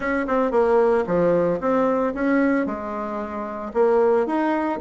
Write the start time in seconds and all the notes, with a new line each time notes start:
0.00 C#4
0.27 C4
0.51 A#3
1.06 F3
1.60 C4
2.14 C#4
2.65 G#3
3.73 A#3
4.26 D#4